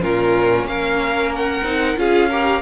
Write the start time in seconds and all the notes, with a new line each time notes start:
0.00 A#2 C#4 F4 A#4
0.64 A#3 F5
0.70 A#4
1.35 F#5
1.63 C4 D#4
1.97 C#4 F4 G#4 F5
2.29 G4 A#4